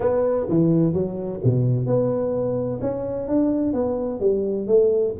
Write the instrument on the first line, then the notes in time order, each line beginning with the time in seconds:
tuba
0.00 B3
0.49 E3
0.93 F#3
1.44 B2
1.86 B3
2.81 C#4
3.27 D4
3.73 B3
4.20 G3
4.67 A3